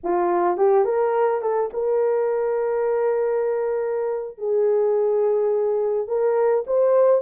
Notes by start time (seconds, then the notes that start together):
0.03 F4
0.57 G4
0.85 A#4
1.42 A4
1.73 A#4
4.37 G#4
6.07 A#4
6.66 C5